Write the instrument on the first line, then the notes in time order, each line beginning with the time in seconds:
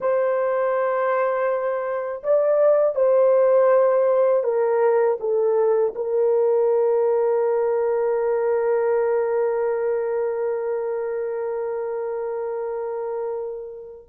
horn
0.00 C5
2.23 D5
2.95 C5
4.43 A#4
5.20 A4
5.95 A#4